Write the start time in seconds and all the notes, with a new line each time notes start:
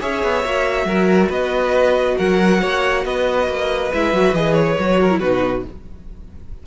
0.00 C#4 G#4 C#5 E5
0.23 B3
0.44 A#3 F#4
0.85 F#3 A#4
1.29 B3 B4 D#5
2.17 F#3 A#4 F#5
2.61 A#3 C#5
3.05 B3 B4 D#5
3.48 A#3
3.93 G#3 E4 E5
4.13 F#3 F#4
4.33 E3 G#4 D#5
4.54 C#5
4.79 F#3 F#4
5.00 A#4
5.11 E4
5.20 B2 D#4 F#4 B4